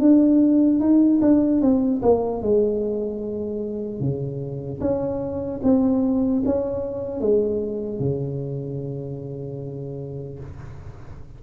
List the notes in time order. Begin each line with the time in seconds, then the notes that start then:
0.00 D4
0.80 D#4
1.22 D4
1.62 C4
2.03 A#3
2.42 G#3
4.00 C#3
4.81 C#4
5.64 C4
6.46 C#4
7.21 G#3
8.00 C#3